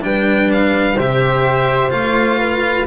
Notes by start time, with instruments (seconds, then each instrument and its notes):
0.00 double bass G3, cello D4, flute B4, violin G5
0.51 violin F5
0.96 double bass C3, cello G4, flute C5, violin E5
1.89 double bass A3, cello F4, violin F5
2.38 flute B4